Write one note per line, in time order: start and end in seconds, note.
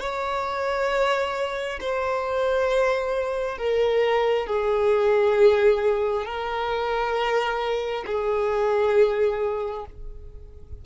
0.00 1.79 C#5
1.80 3.57 C5
3.57 4.46 A#4
4.46 6.25 G#4
6.25 8.04 A#4
8.06 9.85 G#4